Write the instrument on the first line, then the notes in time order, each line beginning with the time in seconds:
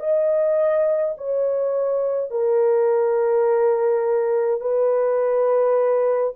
horn
0.00 D#5
1.17 C#5
2.31 A#4
4.61 B4